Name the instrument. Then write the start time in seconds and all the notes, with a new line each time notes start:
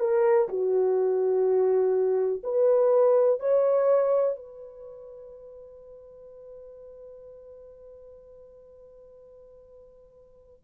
horn
0.00 A#4
0.49 F#4
2.43 B4
3.40 C#5
4.36 B4